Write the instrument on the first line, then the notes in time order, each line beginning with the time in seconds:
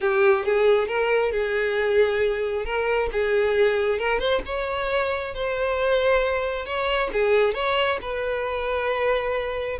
violin
0.00 G4
0.45 G#4
0.87 A#4
1.32 G#4
2.65 A#4
3.12 G#4
3.98 A#4
4.19 C5
4.45 C#5
5.34 C5
6.65 C#5
7.12 G#4
7.54 C#5
8.01 B4